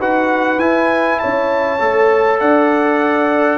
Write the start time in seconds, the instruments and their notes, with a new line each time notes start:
0.00 tuba D#4, trombone F#4, horn B4, trumpet F#5
0.58 tuba E4, trombone E4, trumpet G#5
1.20 tuba C#4, horn C#5, trumpet A5
1.80 tuba A3, trombone A4
2.40 tuba D4, horn D5, trumpet F#5